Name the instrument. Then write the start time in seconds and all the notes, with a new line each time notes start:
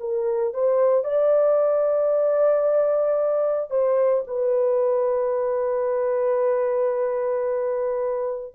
horn
0.00 A#4
0.54 C5
1.04 D5
3.71 C5
4.28 B4